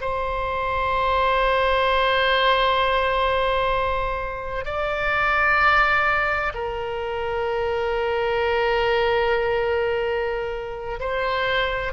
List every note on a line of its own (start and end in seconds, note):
0.00 4.64 C5
4.64 6.52 D5
6.54 10.99 A#4
10.99 11.92 C5